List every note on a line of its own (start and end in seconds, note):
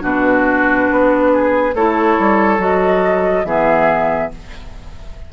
0.00 0.89 B2
0.00 1.71 D4
0.00 1.31 F#4
0.00 1.75 B4
0.91 1.74 B3
1.33 1.75 G#4
1.74 2.17 A3
1.74 2.58 E4
1.74 3.46 A4
1.74 2.60 C#5
2.18 2.58 G3
2.58 3.44 F#3
2.58 3.44 F#4
2.58 3.45 D#5
3.44 4.30 E3
3.44 4.31 B3
3.44 4.32 G#4
3.44 4.30 E5